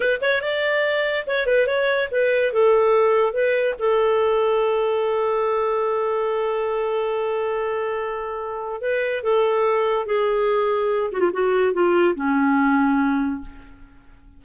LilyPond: \new Staff \with { instrumentName = "clarinet" } { \time 4/4 \tempo 4 = 143 b'8 cis''8 d''2 cis''8 b'8 | cis''4 b'4 a'2 | b'4 a'2.~ | a'1~ |
a'1~ | a'4 b'4 a'2 | gis'2~ gis'8 fis'16 f'16 fis'4 | f'4 cis'2. | }